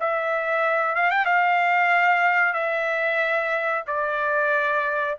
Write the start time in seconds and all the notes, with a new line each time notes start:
0.00 E5
0.95 F5
1.10 G5
1.25 F5
2.53 E5
3.87 D5